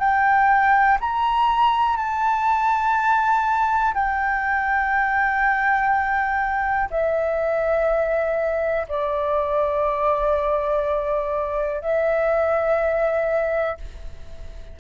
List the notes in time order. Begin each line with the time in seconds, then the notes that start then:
0.00 G5
1.01 A#5
1.98 A5
3.95 G5
6.91 E5
8.89 D5
11.82 E5